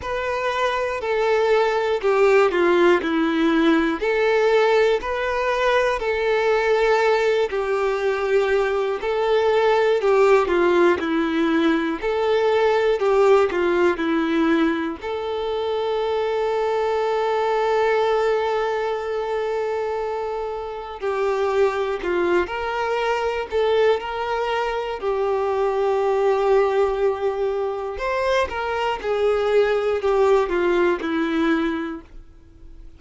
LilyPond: \new Staff \with { instrumentName = "violin" } { \time 4/4 \tempo 4 = 60 b'4 a'4 g'8 f'8 e'4 | a'4 b'4 a'4. g'8~ | g'4 a'4 g'8 f'8 e'4 | a'4 g'8 f'8 e'4 a'4~ |
a'1~ | a'4 g'4 f'8 ais'4 a'8 | ais'4 g'2. | c''8 ais'8 gis'4 g'8 f'8 e'4 | }